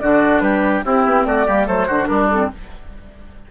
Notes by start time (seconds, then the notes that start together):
0.00 D3 D4 F#4 D5
0.40 G3 G4 B4
0.85 C4 E4 G4
1.06 B3
1.26 A3 F#4 D5
1.46 G3 A#3 G4
1.66 F#3 A3 A4 C5
1.87 D3 D4 F#4
2.07 G3 D4 A#4
2.31 C4 A4